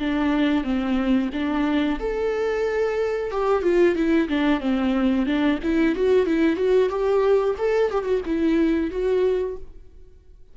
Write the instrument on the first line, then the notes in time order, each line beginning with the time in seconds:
viola
0.00 D4
0.64 C4
1.33 D4
2.00 A4
3.31 G4
3.63 F4
3.96 E4
4.29 D4
4.61 C4
5.27 D4
5.63 E4
5.96 F#4
6.27 E4
6.57 F#4
6.90 G4
7.59 A4
7.91 G4
8.05 F#4
8.26 E4
8.91 F#4